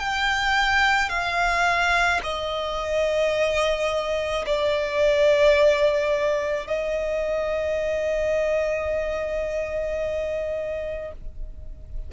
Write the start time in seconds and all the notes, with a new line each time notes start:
0.00 G5
1.09 F5
2.23 D#5
4.46 D5
6.67 D#5